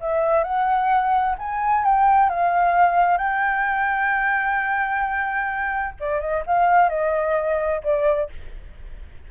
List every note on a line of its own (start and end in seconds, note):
0.00 0.43 E5
0.43 1.36 F#5
1.38 1.84 G#5
1.84 2.29 G5
2.29 3.17 F5
3.17 5.94 G5
6.00 6.20 D5
6.20 6.43 D#5
6.46 6.89 F5
6.89 7.81 D#5
7.83 8.29 D5